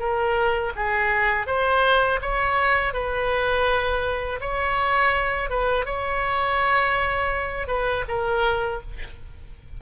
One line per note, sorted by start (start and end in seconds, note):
0.00 0.73 A#4
0.76 1.47 G#4
1.47 2.20 C5
2.22 2.94 C#5
2.94 4.40 B4
4.41 5.50 C#5
5.50 5.86 B4
5.86 7.68 C#5
7.68 8.05 B4
8.09 8.82 A#4